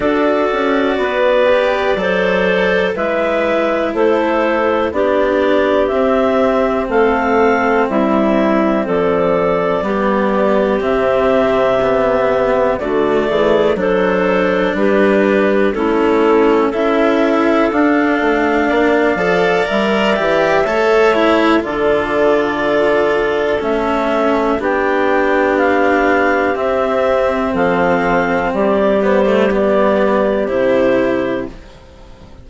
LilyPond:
<<
  \new Staff \with { instrumentName = "clarinet" } { \time 4/4 \tempo 4 = 61 d''2. e''4 | c''4 d''4 e''4 f''4 | e''4 d''2 e''4~ | e''4 d''4 c''4 b'4 |
a'4 e''4 f''2 | e''2 d''2 | e''4 g''4 f''4 e''4 | f''4 d''8 c''8 d''4 c''4 | }
  \new Staff \with { instrumentName = "clarinet" } { \time 4/4 a'4 b'4 c''4 b'4 | a'4 g'2 a'4 | e'4 a'4 g'2~ | g'4 fis'8 gis'8 a'4 g'4 |
e'4 a'2 d''4~ | d''4 cis''4 a'2~ | a'4 g'2. | a'4 g'2. | }
  \new Staff \with { instrumentName = "cello" } { \time 4/4 fis'4. g'8 a'4 e'4~ | e'4 d'4 c'2~ | c'2 b4 c'4 | b4 a4 d'2 |
cis'4 e'4 d'4. a'8 | ais'8 g'8 a'8 e'8 f'2 | cis'4 d'2 c'4~ | c'4. b16 a16 b4 e'4 | }
  \new Staff \with { instrumentName = "bassoon" } { \time 4/4 d'8 cis'8 b4 fis4 gis4 | a4 b4 c'4 a4 | g4 f4 g4 c4~ | c4 d8 e8 fis4 g4 |
a4 cis'4 d'8 a8 ais8 f8 | g8 e8 a4 d2 | a4 b2 c'4 | f4 g2 c4 | }
>>